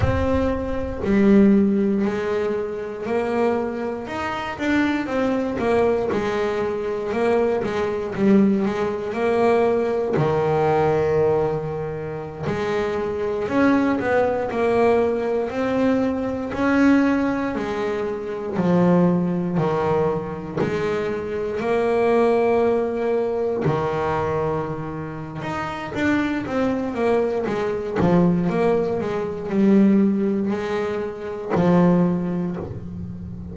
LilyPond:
\new Staff \with { instrumentName = "double bass" } { \time 4/4 \tempo 4 = 59 c'4 g4 gis4 ais4 | dis'8 d'8 c'8 ais8 gis4 ais8 gis8 | g8 gis8 ais4 dis2~ | dis16 gis4 cis'8 b8 ais4 c'8.~ |
c'16 cis'4 gis4 f4 dis8.~ | dis16 gis4 ais2 dis8.~ | dis4 dis'8 d'8 c'8 ais8 gis8 f8 | ais8 gis8 g4 gis4 f4 | }